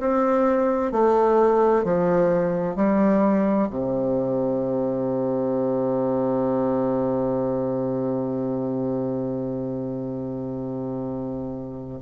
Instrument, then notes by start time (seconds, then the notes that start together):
bassoon
0.00 C4
0.92 A3
1.84 F3
2.76 G3
3.70 C3